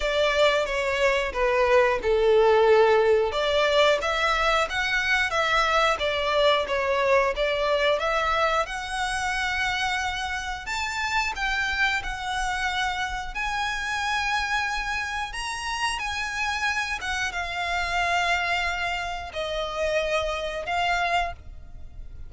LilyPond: \new Staff \with { instrumentName = "violin" } { \time 4/4 \tempo 4 = 90 d''4 cis''4 b'4 a'4~ | a'4 d''4 e''4 fis''4 | e''4 d''4 cis''4 d''4 | e''4 fis''2. |
a''4 g''4 fis''2 | gis''2. ais''4 | gis''4. fis''8 f''2~ | f''4 dis''2 f''4 | }